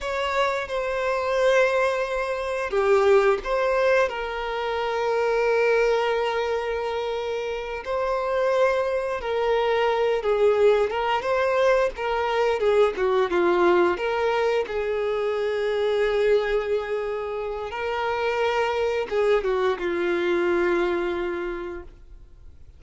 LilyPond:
\new Staff \with { instrumentName = "violin" } { \time 4/4 \tempo 4 = 88 cis''4 c''2. | g'4 c''4 ais'2~ | ais'2.~ ais'8 c''8~ | c''4. ais'4. gis'4 |
ais'8 c''4 ais'4 gis'8 fis'8 f'8~ | f'8 ais'4 gis'2~ gis'8~ | gis'2 ais'2 | gis'8 fis'8 f'2. | }